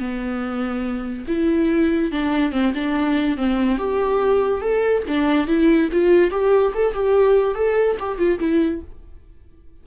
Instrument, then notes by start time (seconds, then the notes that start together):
viola
0.00 B3
1.28 E4
2.12 D4
2.52 C4
2.75 D4
3.38 C4
3.79 G4
4.62 A4
5.08 D4
5.48 E4
5.93 F4
6.31 G4
6.75 A4
6.94 G4
7.55 A4
8.00 G4
8.19 F4
8.40 E4